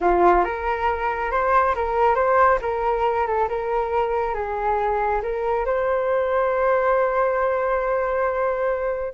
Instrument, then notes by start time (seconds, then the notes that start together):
flute
0.00 F4
0.44 A#4
1.31 C5
1.75 A#4
2.15 C5
2.61 A#4
3.26 A4
3.49 A#4
4.34 G#4
5.22 A#4
5.65 C5